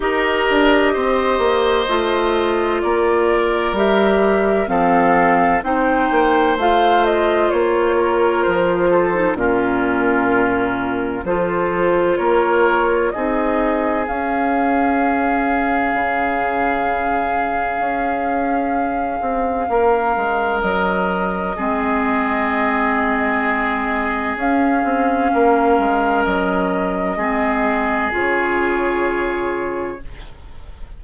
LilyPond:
<<
  \new Staff \with { instrumentName = "flute" } { \time 4/4 \tempo 4 = 64 dis''2. d''4 | e''4 f''4 g''4 f''8 dis''8 | cis''4 c''4 ais'2 | c''4 cis''4 dis''4 f''4~ |
f''1~ | f''2 dis''2~ | dis''2 f''2 | dis''2 cis''2 | }
  \new Staff \with { instrumentName = "oboe" } { \time 4/4 ais'4 c''2 ais'4~ | ais'4 a'4 c''2~ | c''8 ais'4 a'8 f'2 | a'4 ais'4 gis'2~ |
gis'1~ | gis'4 ais'2 gis'4~ | gis'2. ais'4~ | ais'4 gis'2. | }
  \new Staff \with { instrumentName = "clarinet" } { \time 4/4 g'2 f'2 | g'4 c'4 dis'4 f'4~ | f'4.~ f'16 dis'16 cis'2 | f'2 dis'4 cis'4~ |
cis'1~ | cis'2. c'4~ | c'2 cis'2~ | cis'4 c'4 f'2 | }
  \new Staff \with { instrumentName = "bassoon" } { \time 4/4 dis'8 d'8 c'8 ais8 a4 ais4 | g4 f4 c'8 ais8 a4 | ais4 f4 ais,2 | f4 ais4 c'4 cis'4~ |
cis'4 cis2 cis'4~ | cis'8 c'8 ais8 gis8 fis4 gis4~ | gis2 cis'8 c'8 ais8 gis8 | fis4 gis4 cis2 | }
>>